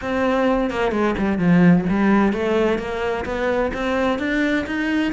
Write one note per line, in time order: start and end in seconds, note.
0.01 0.70 C4
0.70 0.91 A#3
0.91 1.15 G#3
1.17 1.38 G3
1.38 1.84 F3
1.89 2.33 G3
2.33 2.78 A3
2.78 3.24 A#3
3.25 3.71 B3
3.73 4.19 C4
4.19 4.65 D4
4.66 5.12 D#4